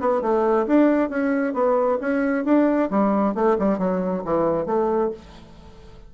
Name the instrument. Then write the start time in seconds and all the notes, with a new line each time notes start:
bassoon
0.00 B3
0.22 A3
0.67 D4
1.09 C#4
1.53 B3
2.00 C#4
2.45 D4
2.90 G3
3.35 A3
3.59 G3
3.78 F#3
4.25 E3
4.66 A3